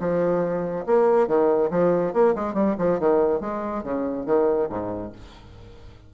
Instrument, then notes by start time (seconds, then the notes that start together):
bassoon
0.00 F3
0.86 A#3
1.28 D#3
1.71 F3
2.14 A#3
2.35 G#3
2.54 G3
2.78 F3
3.00 D#3
3.41 G#3
3.84 C#3
4.26 D#3
4.70 G#2